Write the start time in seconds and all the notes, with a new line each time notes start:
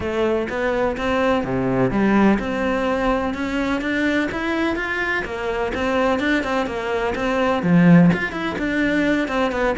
0.00 A3
0.49 B3
0.97 C4
1.44 C3
1.90 G3
2.39 C4
3.34 C#4
3.81 D4
4.31 E4
4.76 F4
5.24 A#3
5.74 C4
6.19 D4
6.43 C4
6.66 A#3
7.15 C4
7.63 F3
8.13 F4
8.32 E4
8.58 D4
9.27 C4
9.51 B3